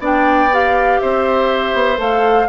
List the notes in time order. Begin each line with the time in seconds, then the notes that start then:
0.00 B3 D4 D5 G5
0.53 G4 F5
1.00 C4 C5 E5
1.74 B3
1.97 A3 A4 F5